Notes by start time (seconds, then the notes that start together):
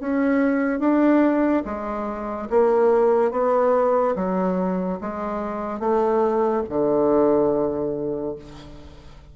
0.00 C#4
0.80 D4
1.65 G#3
2.50 A#3
3.31 B3
4.16 F#3
5.01 G#3
5.80 A3
6.69 D3